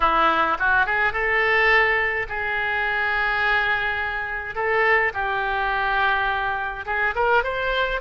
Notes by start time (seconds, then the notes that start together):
0.00 E4
0.59 F#4
0.86 G#4
1.12 A4
2.28 G#4
4.55 A4
5.13 G4
6.85 G#4
7.15 A#4
7.43 C5